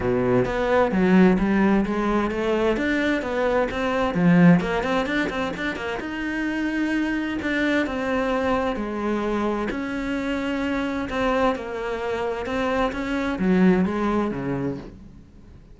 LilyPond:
\new Staff \with { instrumentName = "cello" } { \time 4/4 \tempo 4 = 130 b,4 b4 fis4 g4 | gis4 a4 d'4 b4 | c'4 f4 ais8 c'8 d'8 c'8 | d'8 ais8 dis'2. |
d'4 c'2 gis4~ | gis4 cis'2. | c'4 ais2 c'4 | cis'4 fis4 gis4 cis4 | }